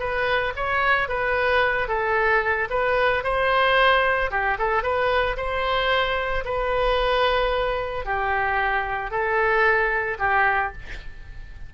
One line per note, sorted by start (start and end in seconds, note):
0.00 0.54 B4
0.56 1.09 C#5
1.09 1.88 B4
1.88 2.69 A4
2.71 3.24 B4
3.24 4.31 C5
4.31 4.58 G4
4.59 4.83 A4
4.83 5.37 B4
5.37 6.45 C5
6.45 8.06 B4
8.06 9.11 G4
9.11 10.18 A4
10.19 10.73 G4